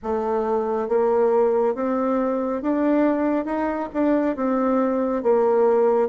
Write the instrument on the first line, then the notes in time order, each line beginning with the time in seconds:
bassoon
0.02 A3
0.88 A#3
1.74 C4
2.62 D4
3.45 D#4
3.93 D4
4.36 C4
5.23 A#3